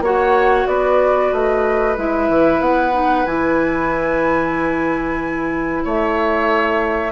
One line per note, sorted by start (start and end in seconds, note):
0.00 0.65 A#3
0.00 1.97 F#4
0.00 0.67 C#5
0.00 0.67 F#5
0.67 1.31 B3
0.67 5.83 B4
0.67 1.31 D5
1.32 1.96 A3
1.32 1.96 D#5
1.97 2.28 G#3
1.97 2.92 E4
1.97 2.61 E5
2.28 2.60 E3
2.60 3.25 B3
2.60 3.25 F#5
2.92 3.24 D#4
3.25 5.83 E3
3.25 7.12 E4
3.25 5.83 G#5
5.83 7.12 A3
5.83 7.12 C#5
5.83 7.12 E5